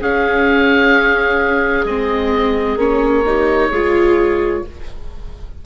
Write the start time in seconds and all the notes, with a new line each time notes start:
0.00 C#4 G#4 F5
1.84 G#3 C4 D#5
2.76 A#3 C#4 C#5
3.25 D#4 G4
3.69 G#3 F4 G#4